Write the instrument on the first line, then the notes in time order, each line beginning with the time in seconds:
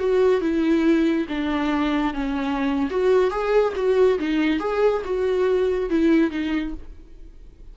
viola
0.00 F#4
0.41 E4
1.29 D4
2.14 C#4
2.91 F#4
3.31 G#4
3.76 F#4
4.19 D#4
4.60 G#4
5.05 F#4
5.90 E4
6.31 D#4